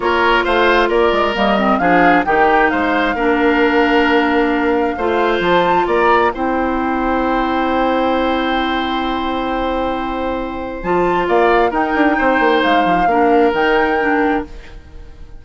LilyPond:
<<
  \new Staff \with { instrumentName = "flute" } { \time 4/4 \tempo 4 = 133 cis''4 f''4 d''4 dis''4 | f''4 g''4 f''2~ | f''1 | a''4 ais''4 g''2~ |
g''1~ | g''1 | a''4 f''4 g''2 | f''2 g''2 | }
  \new Staff \with { instrumentName = "oboe" } { \time 4/4 ais'4 c''4 ais'2 | gis'4 g'4 c''4 ais'4~ | ais'2. c''4~ | c''4 d''4 c''2~ |
c''1~ | c''1~ | c''4 d''4 ais'4 c''4~ | c''4 ais'2. | }
  \new Staff \with { instrumentName = "clarinet" } { \time 4/4 f'2. ais8 c'8 | d'4 dis'2 d'4~ | d'2. f'4~ | f'2 e'2~ |
e'1~ | e'1 | f'2 dis'2~ | dis'4 d'4 dis'4 d'4 | }
  \new Staff \with { instrumentName = "bassoon" } { \time 4/4 ais4 a4 ais8 gis8 g4 | f4 dis4 gis4 ais4~ | ais2. a4 | f4 ais4 c'2~ |
c'1~ | c'1 | f4 ais4 dis'8 d'8 c'8 ais8 | gis8 f8 ais4 dis2 | }
>>